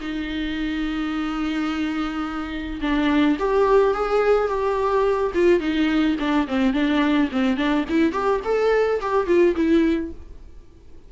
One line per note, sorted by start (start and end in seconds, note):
0.00 2.80 D#4
2.81 3.37 D4
3.39 3.94 G4
3.94 4.48 G#4
4.48 5.32 G4
5.34 5.60 F4
5.60 6.16 D#4
6.19 6.47 D4
6.48 6.73 C4
6.73 7.29 D4
7.32 7.57 C4
7.57 7.85 D4
7.89 8.13 E4
8.13 8.41 G4
8.44 9.00 A4
9.01 9.27 G4
9.27 9.55 F4
9.56 10.12 E4